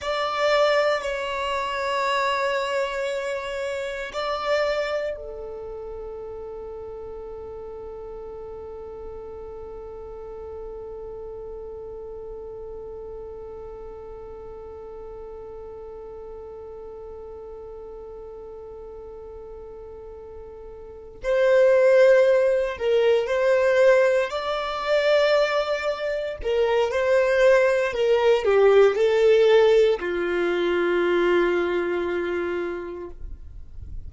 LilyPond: \new Staff \with { instrumentName = "violin" } { \time 4/4 \tempo 4 = 58 d''4 cis''2. | d''4 a'2.~ | a'1~ | a'1~ |
a'1~ | a'8 c''4. ais'8 c''4 d''8~ | d''4. ais'8 c''4 ais'8 g'8 | a'4 f'2. | }